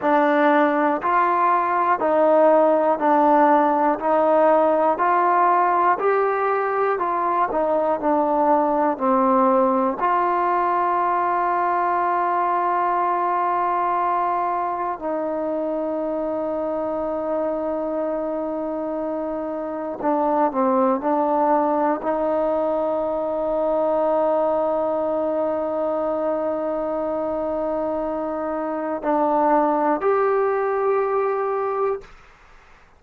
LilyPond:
\new Staff \with { instrumentName = "trombone" } { \time 4/4 \tempo 4 = 60 d'4 f'4 dis'4 d'4 | dis'4 f'4 g'4 f'8 dis'8 | d'4 c'4 f'2~ | f'2. dis'4~ |
dis'1 | d'8 c'8 d'4 dis'2~ | dis'1~ | dis'4 d'4 g'2 | }